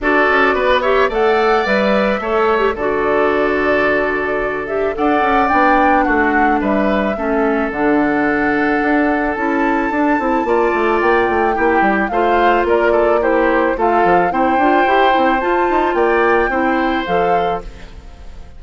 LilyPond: <<
  \new Staff \with { instrumentName = "flute" } { \time 4/4 \tempo 4 = 109 d''4. e''8 fis''4 e''4~ | e''4 d''2.~ | d''8 e''8 fis''4 g''4 fis''4 | e''2 fis''2~ |
fis''4 a''2. | g''2 f''4 d''4 | c''4 f''4 g''2 | a''4 g''2 f''4 | }
  \new Staff \with { instrumentName = "oboe" } { \time 4/4 a'4 b'8 cis''8 d''2 | cis''4 a'2.~ | a'4 d''2 fis'4 | b'4 a'2.~ |
a'2. d''4~ | d''4 g'4 c''4 ais'8 a'8 | g'4 a'4 c''2~ | c''4 d''4 c''2 | }
  \new Staff \with { instrumentName = "clarinet" } { \time 4/4 fis'4. g'8 a'4 b'4 | a'8. g'16 fis'2.~ | fis'8 g'8 a'4 d'2~ | d'4 cis'4 d'2~ |
d'4 e'4 d'8 e'8 f'4~ | f'4 e'4 f'2 | e'4 f'4 e'8 f'8 g'8 e'8 | f'2 e'4 a'4 | }
  \new Staff \with { instrumentName = "bassoon" } { \time 4/4 d'8 cis'8 b4 a4 g4 | a4 d2.~ | d4 d'8 cis'8 b4 a4 | g4 a4 d2 |
d'4 cis'4 d'8 c'8 ais8 a8 | ais8 a8 ais8 g8 a4 ais4~ | ais4 a8 f8 c'8 d'8 e'8 c'8 | f'8 dis'8 ais4 c'4 f4 | }
>>